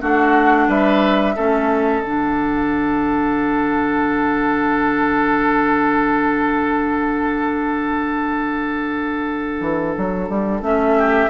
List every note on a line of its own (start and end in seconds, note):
0.00 0.68 A3
0.00 1.35 D4
0.00 0.67 F#4
0.00 0.70 F#5
0.67 1.35 G3
0.67 1.35 B4
0.67 2.03 E5
1.35 2.01 A3
1.35 2.03 C#4
1.35 10.96 A4
2.01 9.60 D3
2.01 10.62 D4
2.01 10.62 F#5
9.60 9.94 E3
9.97 10.29 F#3
10.29 10.61 G3
10.61 11.28 A3
10.61 11.29 C#4
10.61 11.29 E5
10.97 11.29 G4